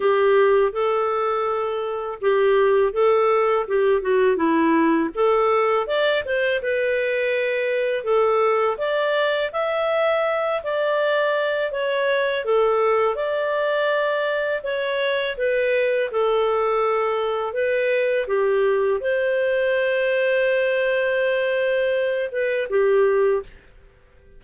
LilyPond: \new Staff \with { instrumentName = "clarinet" } { \time 4/4 \tempo 4 = 82 g'4 a'2 g'4 | a'4 g'8 fis'8 e'4 a'4 | d''8 c''8 b'2 a'4 | d''4 e''4. d''4. |
cis''4 a'4 d''2 | cis''4 b'4 a'2 | b'4 g'4 c''2~ | c''2~ c''8 b'8 g'4 | }